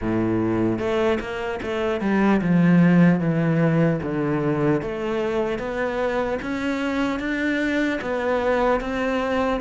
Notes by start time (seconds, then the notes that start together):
0.01 A2
0.79 A3
1.20 A#3
1.62 A3
2.00 G3
2.41 F3
3.20 E3
4.02 D3
4.81 A3
5.59 B3
6.42 C#4
7.19 D4
8.01 B3
8.80 C4